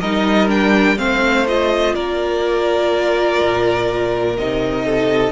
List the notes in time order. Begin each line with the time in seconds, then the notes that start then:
0.00 G3 D#4 A#4 D#5
0.48 D4 G5
0.97 A3 C4 C5 F5
1.47 F4 D#5
1.94 A#3 A#4 D5
3.41 A#2
4.37 C3 D#4 D#5
4.85 A4